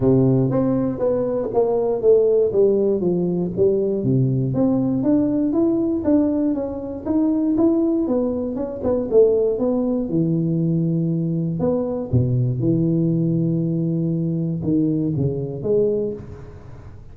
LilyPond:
\new Staff \with { instrumentName = "tuba" } { \time 4/4 \tempo 4 = 119 c4 c'4 b4 ais4 | a4 g4 f4 g4 | c4 c'4 d'4 e'4 | d'4 cis'4 dis'4 e'4 |
b4 cis'8 b8 a4 b4 | e2. b4 | b,4 e2.~ | e4 dis4 cis4 gis4 | }